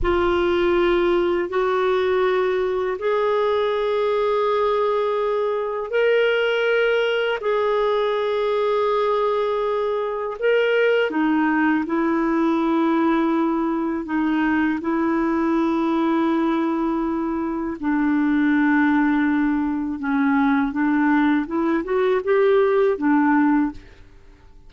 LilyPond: \new Staff \with { instrumentName = "clarinet" } { \time 4/4 \tempo 4 = 81 f'2 fis'2 | gis'1 | ais'2 gis'2~ | gis'2 ais'4 dis'4 |
e'2. dis'4 | e'1 | d'2. cis'4 | d'4 e'8 fis'8 g'4 d'4 | }